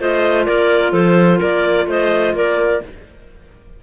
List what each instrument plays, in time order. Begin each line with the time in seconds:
0.00 cello A3, clarinet F4 C5 D#5
0.45 cello A#3, clarinet A#4 D5
0.92 cello F3, clarinet A4 C5
1.39 cello A#3, clarinet A#4 D5
1.87 cello A3, clarinet C5 D#5
2.34 cello A#3, clarinet A#4 D5